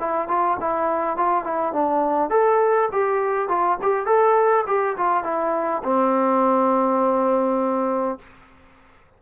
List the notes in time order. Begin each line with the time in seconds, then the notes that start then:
0.00 E4
0.28 F4
0.61 E4
1.17 F4
1.45 E4
1.73 D4
2.30 A4
2.92 G4
3.49 F4
3.82 G4
4.06 A4
4.67 G4
4.98 F4
5.24 E4
5.84 C4